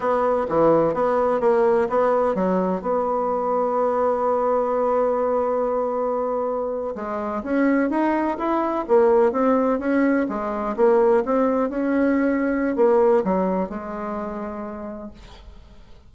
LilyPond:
\new Staff \with { instrumentName = "bassoon" } { \time 4/4 \tempo 4 = 127 b4 e4 b4 ais4 | b4 fis4 b2~ | b1~ | b2~ b8. gis4 cis'16~ |
cis'8. dis'4 e'4 ais4 c'16~ | c'8. cis'4 gis4 ais4 c'16~ | c'8. cis'2~ cis'16 ais4 | fis4 gis2. | }